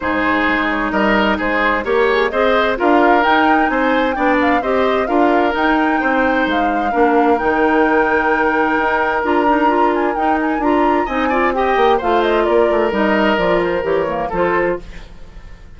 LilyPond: <<
  \new Staff \with { instrumentName = "flute" } { \time 4/4 \tempo 4 = 130 c''4. cis''8 dis''4 c''4 | ais'8 gis'8 dis''4 f''4 g''4 | gis''4 g''8 f''8 dis''4 f''4 | g''2 f''2 |
g''1 | ais''4. gis''8 g''8 gis''8 ais''4 | gis''4 g''4 f''8 dis''8 d''4 | dis''4 d''8 c''8 cis''4 c''4 | }
  \new Staff \with { instrumentName = "oboe" } { \time 4/4 gis'2 ais'4 gis'4 | cis''4 c''4 ais'2 | c''4 d''4 c''4 ais'4~ | ais'4 c''2 ais'4~ |
ais'1~ | ais'1 | dis''8 d''8 dis''4 c''4 ais'4~ | ais'2. a'4 | }
  \new Staff \with { instrumentName = "clarinet" } { \time 4/4 dis'1 | g'4 gis'4 f'4 dis'4~ | dis'4 d'4 g'4 f'4 | dis'2. d'4 |
dis'1 | f'8 dis'8 f'4 dis'4 f'4 | dis'8 f'8 g'4 f'2 | dis'4 f'4 g'8 ais8 f'4 | }
  \new Staff \with { instrumentName = "bassoon" } { \time 4/4 gis,4 gis4 g4 gis4 | ais4 c'4 d'4 dis'4 | c'4 b4 c'4 d'4 | dis'4 c'4 gis4 ais4 |
dis2. dis'4 | d'2 dis'4 d'4 | c'4. ais8 a4 ais8 a8 | g4 f4 e4 f4 | }
>>